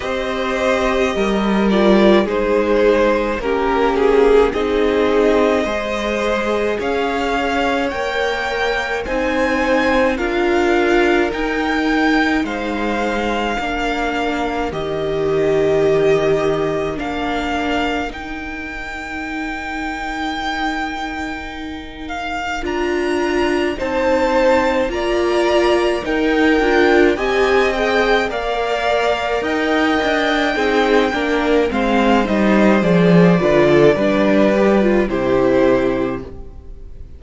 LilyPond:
<<
  \new Staff \with { instrumentName = "violin" } { \time 4/4 \tempo 4 = 53 dis''4. d''8 c''4 ais'8 gis'8 | dis''2 f''4 g''4 | gis''4 f''4 g''4 f''4~ | f''4 dis''2 f''4 |
g''2.~ g''8 f''8 | ais''4 a''4 ais''4 g''4 | gis''8 g''8 f''4 g''2 | f''8 dis''8 d''2 c''4 | }
  \new Staff \with { instrumentName = "violin" } { \time 4/4 c''4 ais'4 gis'4 g'4 | gis'4 c''4 cis''2 | c''4 ais'2 c''4 | ais'1~ |
ais'1~ | ais'4 c''4 d''4 ais'4 | dis''4 d''4 dis''4 gis'8 ais'8 | c''4. b'16 a'16 b'4 g'4 | }
  \new Staff \with { instrumentName = "viola" } { \time 4/4 g'4. f'8 dis'4 cis'4 | dis'4 gis'2 ais'4 | dis'4 f'4 dis'2 | d'4 g'2 d'4 |
dis'1 | f'4 dis'4 f'4 dis'8 f'8 | g'8 gis'8 ais'2 dis'8 d'8 | c'8 dis'8 gis'8 f'8 d'8 g'16 f'16 e'4 | }
  \new Staff \with { instrumentName = "cello" } { \time 4/4 c'4 g4 gis4 ais4 | c'4 gis4 cis'4 ais4 | c'4 d'4 dis'4 gis4 | ais4 dis2 ais4 |
dis'1 | d'4 c'4 ais4 dis'8 d'8 | c'4 ais4 dis'8 d'8 c'8 ais8 | gis8 g8 f8 d8 g4 c4 | }
>>